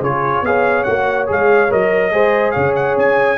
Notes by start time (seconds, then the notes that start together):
0.00 C#3 F4 G#4 C#5
0.42 B3 G#4 C#5 F5
0.83 A#3 F#4 F#5
1.26 G#3 G#4 F5
1.70 F#3 A#4 D#5
2.11 G#3 G#4 C5
2.51 C#3 C#5 F5
2.75 F#5
2.96 C#4 G#5